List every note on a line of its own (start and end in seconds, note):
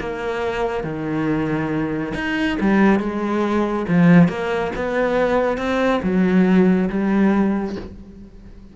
0.00 0.84 A#3
0.84 2.13 D#3
2.14 2.58 D#4
2.61 3.00 G3
3.00 3.86 G#3
3.88 4.29 F3
4.29 4.72 A#3
4.76 5.58 B3
5.58 6.01 C4
6.03 6.89 F#3
6.90 7.76 G3